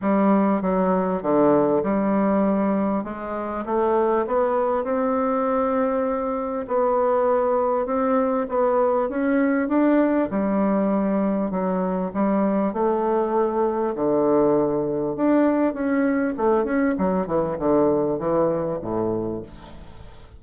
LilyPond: \new Staff \with { instrumentName = "bassoon" } { \time 4/4 \tempo 4 = 99 g4 fis4 d4 g4~ | g4 gis4 a4 b4 | c'2. b4~ | b4 c'4 b4 cis'4 |
d'4 g2 fis4 | g4 a2 d4~ | d4 d'4 cis'4 a8 cis'8 | fis8 e8 d4 e4 a,4 | }